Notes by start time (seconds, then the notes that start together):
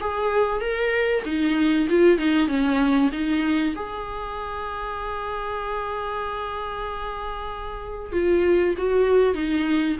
0.00 G#4
0.61 A#4
1.25 D#4
1.89 F4
2.18 D#4
2.48 C#4
3.12 D#4
3.76 G#4
8.12 F4
8.78 F#4
9.34 D#4